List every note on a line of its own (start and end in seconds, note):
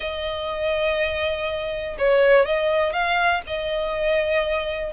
0.00 1.96 D#5
1.98 2.45 C#5
2.45 2.92 D#5
2.92 3.41 F5
3.46 4.92 D#5